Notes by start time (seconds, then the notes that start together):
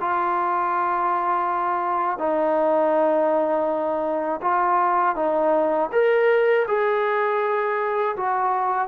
0.00 F4
2.18 D#4
4.41 F4
5.15 D#4
5.92 A#4
6.67 G#4
8.16 F#4